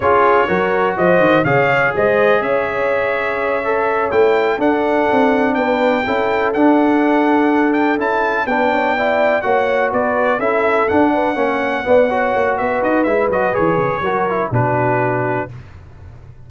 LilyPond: <<
  \new Staff \with { instrumentName = "trumpet" } { \time 4/4 \tempo 4 = 124 cis''2 dis''4 f''4 | dis''4 e''2.~ | e''8 g''4 fis''2 g''8~ | g''4. fis''2~ fis''8 |
g''8 a''4 g''2 fis''8~ | fis''8 d''4 e''4 fis''4.~ | fis''2 e''8 dis''8 e''8 dis''8 | cis''2 b'2 | }
  \new Staff \with { instrumentName = "horn" } { \time 4/4 gis'4 ais'4 c''4 cis''4 | c''4 cis''2.~ | cis''4. a'2 b'8~ | b'8 a'2.~ a'8~ |
a'4. b'8 cis''8 d''4 cis''8~ | cis''8 b'4 a'4. b'8 cis''8~ | cis''8 d''8 cis''4 b'2~ | b'4 ais'4 fis'2 | }
  \new Staff \with { instrumentName = "trombone" } { \time 4/4 f'4 fis'2 gis'4~ | gis'2.~ gis'8 a'8~ | a'8 e'4 d'2~ d'8~ | d'8 e'4 d'2~ d'8~ |
d'8 e'4 d'4 e'4 fis'8~ | fis'4. e'4 d'4 cis'8~ | cis'8 b8 fis'2 e'8 fis'8 | gis'4 fis'8 e'8 d'2 | }
  \new Staff \with { instrumentName = "tuba" } { \time 4/4 cis'4 fis4 f8 dis8 cis4 | gis4 cis'2.~ | cis'8 a4 d'4 c'4 b8~ | b8 cis'4 d'2~ d'8~ |
d'8 cis'4 b2 ais8~ | ais8 b4 cis'4 d'4 ais8~ | ais8 b4 ais8 b8 dis'8 gis8 fis8 | e8 cis8 fis4 b,2 | }
>>